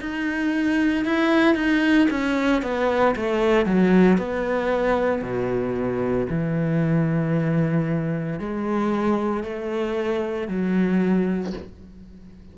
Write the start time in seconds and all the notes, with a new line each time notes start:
0.00 D#4
1.05 E4
1.55 D#4
2.10 C#4
2.62 B3
3.16 A3
3.66 F#3
4.17 B3
5.22 B2
6.29 E3
8.39 G#3
9.43 A3
10.47 F#3